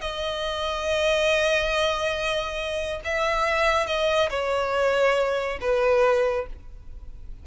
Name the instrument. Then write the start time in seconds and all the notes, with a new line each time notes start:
violin
0.00 D#5
3.04 E5
3.86 D#5
4.30 C#5
5.60 B4